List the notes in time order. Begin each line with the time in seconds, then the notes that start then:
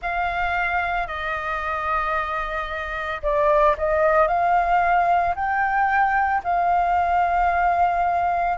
0.02 F5
1.07 D#5
3.22 D5
3.77 D#5
4.27 F5
5.35 G5
6.43 F5